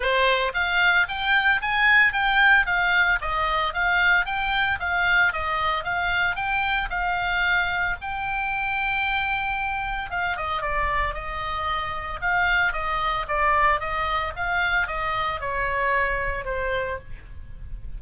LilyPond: \new Staff \with { instrumentName = "oboe" } { \time 4/4 \tempo 4 = 113 c''4 f''4 g''4 gis''4 | g''4 f''4 dis''4 f''4 | g''4 f''4 dis''4 f''4 | g''4 f''2 g''4~ |
g''2. f''8 dis''8 | d''4 dis''2 f''4 | dis''4 d''4 dis''4 f''4 | dis''4 cis''2 c''4 | }